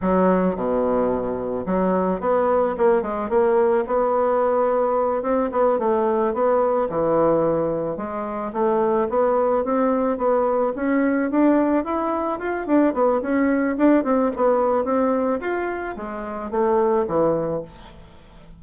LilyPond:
\new Staff \with { instrumentName = "bassoon" } { \time 4/4 \tempo 4 = 109 fis4 b,2 fis4 | b4 ais8 gis8 ais4 b4~ | b4. c'8 b8 a4 b8~ | b8 e2 gis4 a8~ |
a8 b4 c'4 b4 cis'8~ | cis'8 d'4 e'4 f'8 d'8 b8 | cis'4 d'8 c'8 b4 c'4 | f'4 gis4 a4 e4 | }